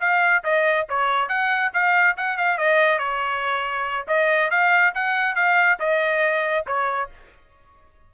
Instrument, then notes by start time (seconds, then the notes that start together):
trumpet
0.00 F5
0.44 D#5
0.89 C#5
1.28 F#5
1.73 F5
2.17 F#5
2.37 F5
2.57 D#5
2.98 C#5
4.07 D#5
4.50 F5
4.94 F#5
5.35 F5
5.79 D#5
6.66 C#5